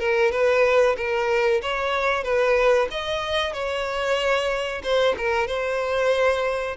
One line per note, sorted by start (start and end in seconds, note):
0.00 0.32 A#4
0.32 0.97 B4
0.97 1.62 A#4
1.62 2.24 C#5
2.24 2.89 B4
2.91 3.54 D#5
3.54 4.83 C#5
4.84 5.16 C5
5.18 5.48 A#4
5.48 6.77 C5